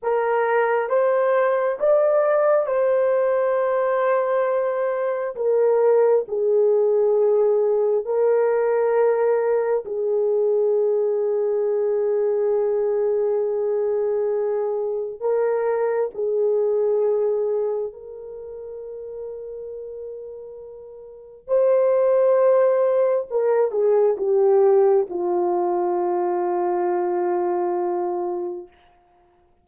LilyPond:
\new Staff \with { instrumentName = "horn" } { \time 4/4 \tempo 4 = 67 ais'4 c''4 d''4 c''4~ | c''2 ais'4 gis'4~ | gis'4 ais'2 gis'4~ | gis'1~ |
gis'4 ais'4 gis'2 | ais'1 | c''2 ais'8 gis'8 g'4 | f'1 | }